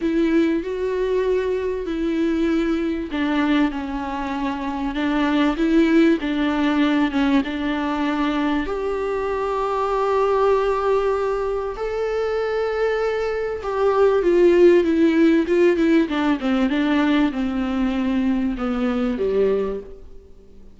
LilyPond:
\new Staff \with { instrumentName = "viola" } { \time 4/4 \tempo 4 = 97 e'4 fis'2 e'4~ | e'4 d'4 cis'2 | d'4 e'4 d'4. cis'8 | d'2 g'2~ |
g'2. a'4~ | a'2 g'4 f'4 | e'4 f'8 e'8 d'8 c'8 d'4 | c'2 b4 g4 | }